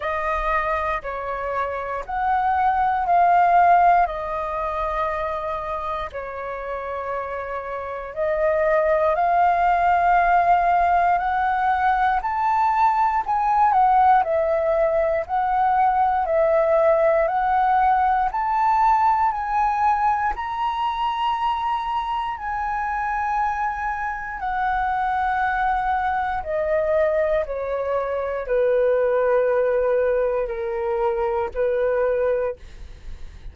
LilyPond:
\new Staff \with { instrumentName = "flute" } { \time 4/4 \tempo 4 = 59 dis''4 cis''4 fis''4 f''4 | dis''2 cis''2 | dis''4 f''2 fis''4 | a''4 gis''8 fis''8 e''4 fis''4 |
e''4 fis''4 a''4 gis''4 | ais''2 gis''2 | fis''2 dis''4 cis''4 | b'2 ais'4 b'4 | }